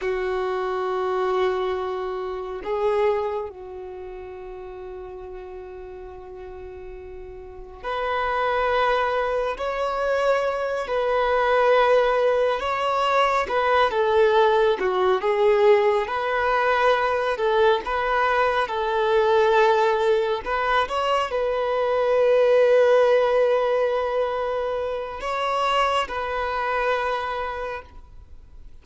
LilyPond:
\new Staff \with { instrumentName = "violin" } { \time 4/4 \tempo 4 = 69 fis'2. gis'4 | fis'1~ | fis'4 b'2 cis''4~ | cis''8 b'2 cis''4 b'8 |
a'4 fis'8 gis'4 b'4. | a'8 b'4 a'2 b'8 | cis''8 b'2.~ b'8~ | b'4 cis''4 b'2 | }